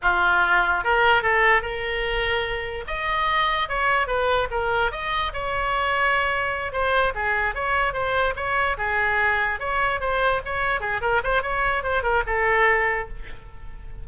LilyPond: \new Staff \with { instrumentName = "oboe" } { \time 4/4 \tempo 4 = 147 f'2 ais'4 a'4 | ais'2. dis''4~ | dis''4 cis''4 b'4 ais'4 | dis''4 cis''2.~ |
cis''8 c''4 gis'4 cis''4 c''8~ | c''8 cis''4 gis'2 cis''8~ | cis''8 c''4 cis''4 gis'8 ais'8 c''8 | cis''4 c''8 ais'8 a'2 | }